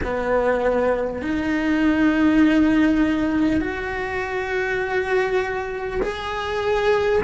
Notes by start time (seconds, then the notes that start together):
0.03 B3
1.22 D#4
3.61 F#4
6.02 G#4